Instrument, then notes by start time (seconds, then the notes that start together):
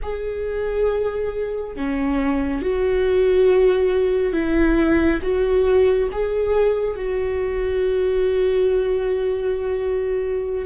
viola
0.02 G#4
1.76 C#4
2.62 F#4
4.32 E4
5.22 F#4
6.11 G#4
6.96 F#4